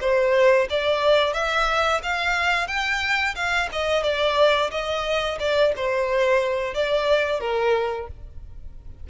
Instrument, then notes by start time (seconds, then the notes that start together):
violin
0.00 C5
0.69 D5
1.33 E5
2.03 F5
2.67 G5
3.35 F5
3.72 D#5
4.03 D5
4.71 D#5
5.39 D5
5.76 C5
6.74 D5
7.40 A#4